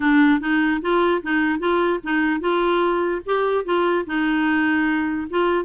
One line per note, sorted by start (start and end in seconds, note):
0.00 0.40 D4
0.40 0.80 D#4
0.81 1.22 F4
1.22 1.59 D#4
1.59 1.99 F4
2.03 2.40 D#4
2.40 3.21 F4
3.25 3.64 G4
3.64 4.05 F4
4.06 5.27 D#4
5.29 5.65 F4